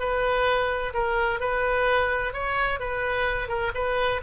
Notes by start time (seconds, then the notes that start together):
0.00 B4
0.94 A#4
1.40 B4
2.34 C#5
2.80 B4
3.49 A#4
3.75 B4